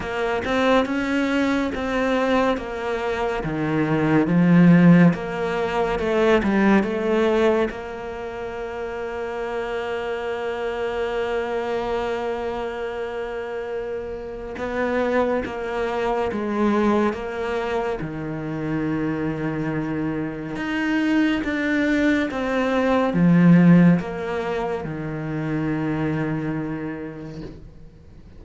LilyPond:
\new Staff \with { instrumentName = "cello" } { \time 4/4 \tempo 4 = 70 ais8 c'8 cis'4 c'4 ais4 | dis4 f4 ais4 a8 g8 | a4 ais2.~ | ais1~ |
ais4 b4 ais4 gis4 | ais4 dis2. | dis'4 d'4 c'4 f4 | ais4 dis2. | }